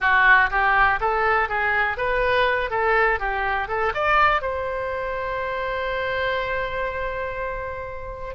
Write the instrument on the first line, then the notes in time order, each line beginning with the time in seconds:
oboe
0.00 F#4
0.50 G4
1.00 A4
1.49 G#4
1.97 B4
2.70 A4
3.19 G4
3.68 A4
3.94 D5
4.41 C5